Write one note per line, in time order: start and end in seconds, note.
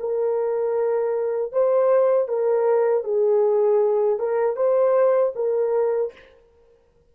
0.00 1.53 A#4
1.53 2.29 C5
2.29 3.04 A#4
3.04 4.19 G#4
4.19 4.57 A#4
4.57 5.34 C5
5.36 6.13 A#4